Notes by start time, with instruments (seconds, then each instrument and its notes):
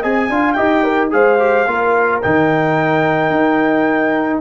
0.00 tuba C4, trombone G#4, horn D#5, trumpet G#5
0.30 tuba D4, trombone F4, horn F5
0.53 tuba D#4, trombone G4, horn D#5, trumpet G5
0.84 horn A#4
1.11 tuba G#3, trombone G#4, horn C5, trumpet F5
1.39 trombone G4
1.67 tuba A#3, trombone F4, horn A#4
2.22 tuba D#3, trombone D#4, trumpet G5
3.31 tuba D#4